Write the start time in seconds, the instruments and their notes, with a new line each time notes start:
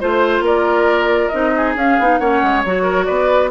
0.00 bassoon A3, clarinet F4, oboe C5, flute C5
0.40 bassoon A#3, oboe A#4, flute D5
1.29 bassoon C4, clarinet D#4, flute D#5
1.56 oboe G#4
1.75 bassoon C#4, clarinet C#4, flute F5
1.99 bassoon B3, clarinet D#4
2.18 bassoon A#3, clarinet C#4, oboe C#5, flute F#5
2.42 bassoon G#3
2.64 bassoon F#3, clarinet F#4, flute C#5
2.82 oboe A#4
3.05 bassoon B3, oboe B4, flute D5